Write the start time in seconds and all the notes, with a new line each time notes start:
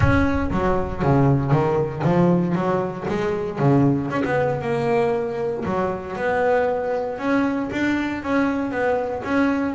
0.00 C#4
0.51 F#3
1.02 C#3
1.51 D#3
2.04 F3
2.55 F#3
3.08 G#3
3.58 C#3
4.10 C#4
4.24 B3
4.61 A#3
5.65 F#3
6.16 B3
7.18 C#4
7.71 D4
8.22 C#4
8.71 B3
9.24 C#4